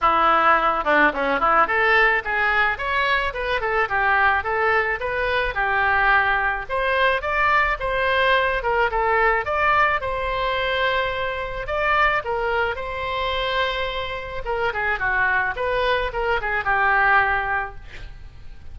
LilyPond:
\new Staff \with { instrumentName = "oboe" } { \time 4/4 \tempo 4 = 108 e'4. d'8 cis'8 e'8 a'4 | gis'4 cis''4 b'8 a'8 g'4 | a'4 b'4 g'2 | c''4 d''4 c''4. ais'8 |
a'4 d''4 c''2~ | c''4 d''4 ais'4 c''4~ | c''2 ais'8 gis'8 fis'4 | b'4 ais'8 gis'8 g'2 | }